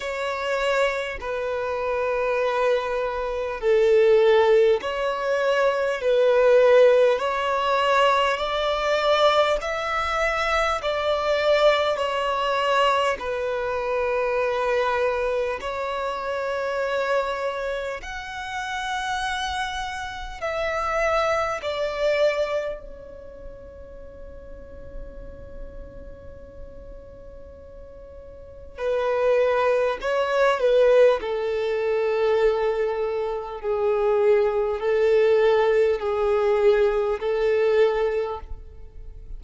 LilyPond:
\new Staff \with { instrumentName = "violin" } { \time 4/4 \tempo 4 = 50 cis''4 b'2 a'4 | cis''4 b'4 cis''4 d''4 | e''4 d''4 cis''4 b'4~ | b'4 cis''2 fis''4~ |
fis''4 e''4 d''4 cis''4~ | cis''1 | b'4 cis''8 b'8 a'2 | gis'4 a'4 gis'4 a'4 | }